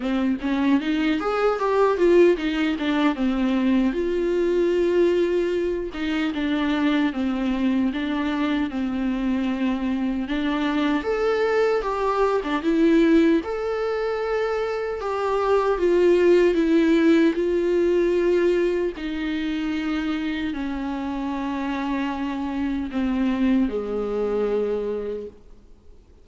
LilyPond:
\new Staff \with { instrumentName = "viola" } { \time 4/4 \tempo 4 = 76 c'8 cis'8 dis'8 gis'8 g'8 f'8 dis'8 d'8 | c'4 f'2~ f'8 dis'8 | d'4 c'4 d'4 c'4~ | c'4 d'4 a'4 g'8. d'16 |
e'4 a'2 g'4 | f'4 e'4 f'2 | dis'2 cis'2~ | cis'4 c'4 gis2 | }